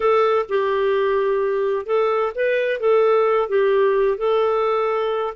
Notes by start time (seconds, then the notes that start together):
0.00 A4
0.48 G4
1.86 A4
2.35 B4
2.80 A4
3.48 G4
4.17 A4